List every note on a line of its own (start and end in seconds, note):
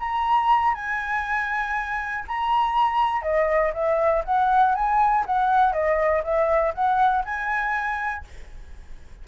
0.00 0.75 A#5
0.75 2.25 G#5
2.28 3.22 A#5
3.22 3.72 D#5
3.74 4.24 E5
4.25 4.75 F#5
4.75 5.25 G#5
5.26 5.73 F#5
5.73 6.23 D#5
6.24 6.74 E5
6.75 7.25 F#5
7.25 8.25 G#5